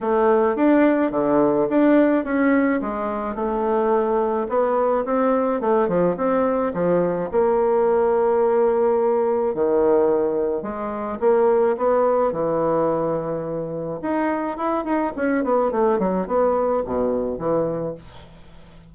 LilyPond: \new Staff \with { instrumentName = "bassoon" } { \time 4/4 \tempo 4 = 107 a4 d'4 d4 d'4 | cis'4 gis4 a2 | b4 c'4 a8 f8 c'4 | f4 ais2.~ |
ais4 dis2 gis4 | ais4 b4 e2~ | e4 dis'4 e'8 dis'8 cis'8 b8 | a8 fis8 b4 b,4 e4 | }